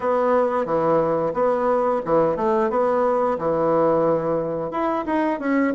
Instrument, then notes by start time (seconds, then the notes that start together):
bassoon
0.00 B3
0.65 E3
1.33 B3
2.05 E3
2.36 A3
2.70 B3
3.38 E3
4.71 E4
5.06 D#4
5.39 C#4